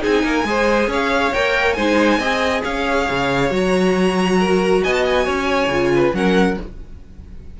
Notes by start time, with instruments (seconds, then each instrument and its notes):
0.00 cello C4, viola D#4, violin G#4 G#5
0.23 cello A#3, violin A#4
0.44 cello G#3, viola G#4, violin C5
0.87 cello C#4, violin C#5 F5
1.33 cello A#3, viola A#4, violin G5
1.73 cello G#3, viola D#4, violin C5 G#5
2.18 cello C4, viola G#4, violin D#5
2.63 cello C#4, violin C#5 F5
3.10 cello C#3
3.50 cello F#3, viola F#4
3.56 violin A#5
4.39 violin A#4
4.83 cello B3, violin D#5 G#5
4.93 violin A5
5.05 violin G#5
5.25 cello C#4, violin C#5
5.67 cello C#3, viola F4
5.94 violin B4
6.13 cello F#3, viola C#4, violin A#4 F#5